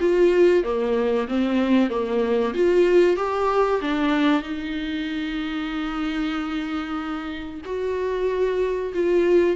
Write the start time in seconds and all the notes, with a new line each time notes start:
0.00 F4
0.64 A#3
1.28 C4
1.90 A#3
2.54 F4
3.16 G4
3.81 D4
4.42 D#4
7.65 F#4
8.94 F4